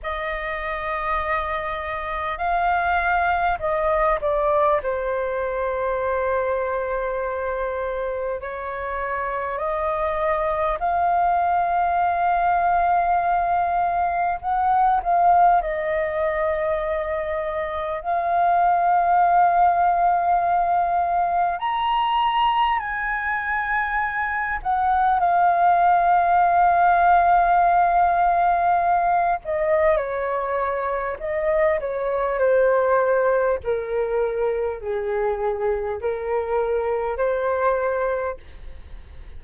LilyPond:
\new Staff \with { instrumentName = "flute" } { \time 4/4 \tempo 4 = 50 dis''2 f''4 dis''8 d''8 | c''2. cis''4 | dis''4 f''2. | fis''8 f''8 dis''2 f''4~ |
f''2 ais''4 gis''4~ | gis''8 fis''8 f''2.~ | f''8 dis''8 cis''4 dis''8 cis''8 c''4 | ais'4 gis'4 ais'4 c''4 | }